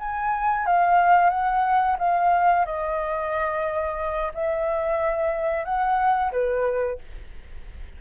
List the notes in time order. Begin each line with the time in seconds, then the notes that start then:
0.00 G#5
0.67 F5
1.30 F#5
1.99 F5
2.66 D#5
4.35 E5
5.65 F#5
6.32 B4